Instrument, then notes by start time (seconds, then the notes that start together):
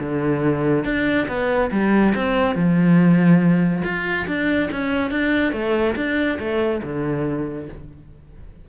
cello
0.00 D3
0.85 D4
1.28 B3
1.71 G3
2.15 C4
2.55 F3
3.84 F4
4.27 D4
4.72 C#4
5.11 D4
5.53 A3
5.96 D4
6.39 A3
6.84 D3